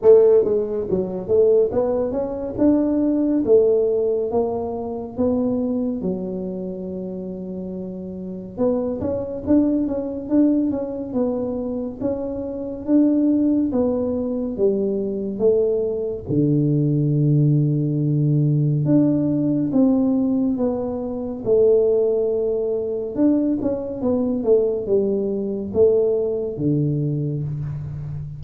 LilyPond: \new Staff \with { instrumentName = "tuba" } { \time 4/4 \tempo 4 = 70 a8 gis8 fis8 a8 b8 cis'8 d'4 | a4 ais4 b4 fis4~ | fis2 b8 cis'8 d'8 cis'8 | d'8 cis'8 b4 cis'4 d'4 |
b4 g4 a4 d4~ | d2 d'4 c'4 | b4 a2 d'8 cis'8 | b8 a8 g4 a4 d4 | }